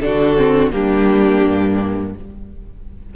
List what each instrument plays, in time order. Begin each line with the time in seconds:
0.00 cello D3, viola D4, violin F#4 A4
0.37 viola C4
0.71 cello G3, viola A#3, violin D4 G4
1.44 cello G2